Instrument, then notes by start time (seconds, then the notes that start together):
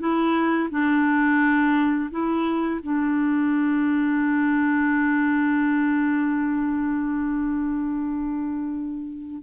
clarinet
0.00 E4
0.71 D4
2.11 E4
2.83 D4